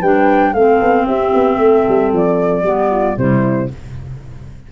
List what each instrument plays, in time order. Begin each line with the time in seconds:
0.00 tuba G3, clarinet D4, horn B4, flute G5
0.54 tuba A3, clarinet C4, horn A4, flute F5
0.82 tuba B3
1.06 tuba C4, horn G4, flute E5
1.35 tuba B3
1.58 tuba A3, horn A4
1.88 tuba G3
2.13 tuba F3, flute D5
2.63 tuba G3, clarinet B3, horn G4
2.91 horn F4
3.17 tuba C3, clarinet G3, horn E4, flute C5